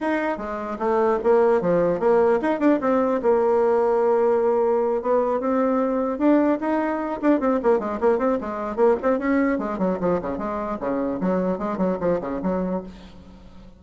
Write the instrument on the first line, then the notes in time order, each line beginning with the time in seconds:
bassoon
0.00 D#4
0.37 G#3
0.79 A3
1.23 A#3
1.61 F3
1.99 A#3
2.41 D#4
2.59 D4
2.81 C4
3.22 A#3
5.02 B3
5.40 C4
6.18 D4
6.60 D#4
7.21 D4
7.40 C4
7.63 A#3
7.79 G#3
8.00 A#3
8.18 C4
8.40 G#3
8.75 A#3
9.02 C4
9.18 C#4
9.58 G#3
9.78 F#3
10.00 F3
10.21 C#3
10.38 G#3
10.80 C#3
11.20 F#3
11.58 G#3
11.77 F#3
12.00 F3
12.21 C#3
12.42 F#3